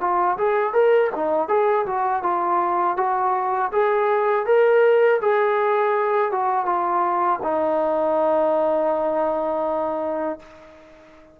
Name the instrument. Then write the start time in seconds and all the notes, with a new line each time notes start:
trombone
0.00 F4
0.37 G#4
0.73 A#4
1.15 D#4
1.48 G#4
1.86 F#4
2.23 F4
2.97 F#4
3.72 G#4
4.46 A#4
5.21 G#4
6.31 F#4
6.65 F4
7.42 D#4